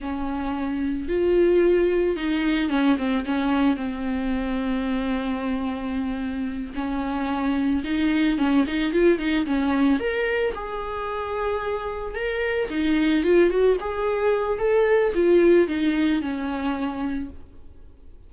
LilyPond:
\new Staff \with { instrumentName = "viola" } { \time 4/4 \tempo 4 = 111 cis'2 f'2 | dis'4 cis'8 c'8 cis'4 c'4~ | c'1~ | c'8 cis'2 dis'4 cis'8 |
dis'8 f'8 dis'8 cis'4 ais'4 gis'8~ | gis'2~ gis'8 ais'4 dis'8~ | dis'8 f'8 fis'8 gis'4. a'4 | f'4 dis'4 cis'2 | }